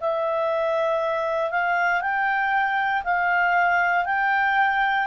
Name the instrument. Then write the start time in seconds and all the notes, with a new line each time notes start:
clarinet
0.00 E5
1.51 F5
2.01 G5
3.04 F5
4.05 G5